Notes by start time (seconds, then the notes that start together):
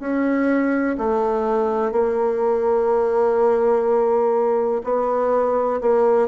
0.00 C#4
0.98 A3
1.92 A#3
4.84 B3
5.81 A#3